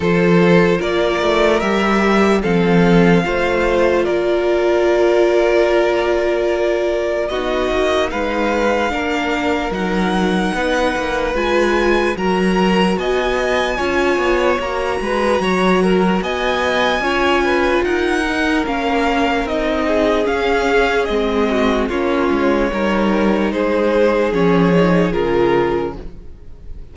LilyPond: <<
  \new Staff \with { instrumentName = "violin" } { \time 4/4 \tempo 4 = 74 c''4 d''4 e''4 f''4~ | f''4 d''2.~ | d''4 dis''4 f''2 | fis''2 gis''4 ais''4 |
gis''2 ais''2 | gis''2 fis''4 f''4 | dis''4 f''4 dis''4 cis''4~ | cis''4 c''4 cis''4 ais'4 | }
  \new Staff \with { instrumentName = "violin" } { \time 4/4 a'4 ais'2 a'4 | c''4 ais'2.~ | ais'4 fis'4 b'4 ais'4~ | ais'4 b'2 ais'4 |
dis''4 cis''4. b'8 cis''8 ais'8 | dis''4 cis''8 b'8 ais'2~ | ais'8 gis'2 fis'8 f'4 | ais'4 gis'2. | }
  \new Staff \with { instrumentName = "viola" } { \time 4/4 f'2 g'4 c'4 | f'1~ | f'4 dis'2 d'4 | dis'2 f'4 fis'4~ |
fis'4 f'4 fis'2~ | fis'4 f'4. dis'8 cis'4 | dis'4 cis'4 c'4 cis'4 | dis'2 cis'8 dis'8 f'4 | }
  \new Staff \with { instrumentName = "cello" } { \time 4/4 f4 ais8 a8 g4 f4 | a4 ais2.~ | ais4 b8 ais8 gis4 ais4 | fis4 b8 ais8 gis4 fis4 |
b4 cis'8 b8 ais8 gis8 fis4 | b4 cis'4 dis'4 ais4 | c'4 cis'4 gis4 ais8 gis8 | g4 gis4 f4 cis4 | }
>>